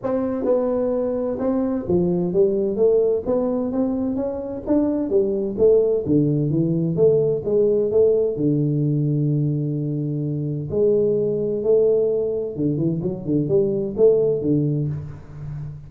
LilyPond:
\new Staff \with { instrumentName = "tuba" } { \time 4/4 \tempo 4 = 129 c'4 b2 c'4 | f4 g4 a4 b4 | c'4 cis'4 d'4 g4 | a4 d4 e4 a4 |
gis4 a4 d2~ | d2. gis4~ | gis4 a2 d8 e8 | fis8 d8 g4 a4 d4 | }